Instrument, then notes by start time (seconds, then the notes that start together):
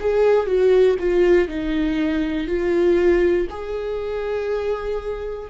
viola
0.00 G#4
0.47 F#4
1.00 F4
1.48 D#4
2.48 F4
3.50 G#4